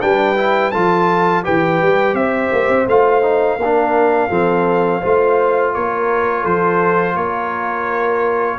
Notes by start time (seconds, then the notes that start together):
0.00 G3 D4 B4 G5
0.36 E4
0.71 F3 F4 A4 A5
1.43 E3 G4 B4 G5
1.81 G3
2.13 C4 C5 E5
2.51 A#3
2.68 C4
2.87 A3 F4 F5
3.22 D#4
3.56 A#3 A#4
3.64 D4
4.29 F3 C4 A4
5.00 A3 F4 C5
5.74 A#3 A#4 C#5
6.41 F3 A4 C5
7.15 A#3 A#4 C#5